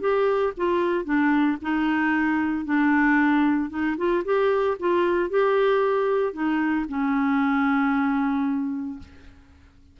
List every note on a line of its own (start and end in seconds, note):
0.00 0.53 G4
0.56 1.04 F4
1.04 1.57 D4
1.61 2.65 D#4
2.65 3.70 D4
3.70 3.96 D#4
3.97 4.23 F4
4.24 4.77 G4
4.79 5.29 F4
5.29 6.33 G4
6.33 6.85 D#4
6.88 8.99 C#4